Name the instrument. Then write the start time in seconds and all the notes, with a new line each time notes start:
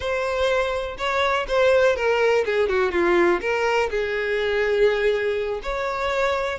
violin
0.00 C5
0.97 C#5
1.48 C5
1.96 A#4
2.45 G#4
2.68 F#4
2.91 F4
3.41 A#4
3.90 G#4
5.62 C#5